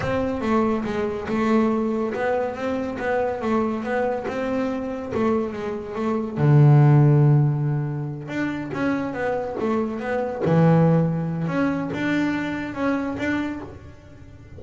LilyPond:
\new Staff \with { instrumentName = "double bass" } { \time 4/4 \tempo 4 = 141 c'4 a4 gis4 a4~ | a4 b4 c'4 b4 | a4 b4 c'2 | a4 gis4 a4 d4~ |
d2.~ d8 d'8~ | d'8 cis'4 b4 a4 b8~ | b8 e2~ e8 cis'4 | d'2 cis'4 d'4 | }